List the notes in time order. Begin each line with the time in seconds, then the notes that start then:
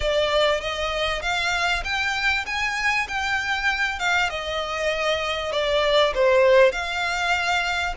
0.00 D5
0.60 D#5
1.22 F5
1.83 G5
2.46 G#5
3.08 G5
3.99 F5
4.29 D#5
5.52 D5
6.14 C5
6.72 F5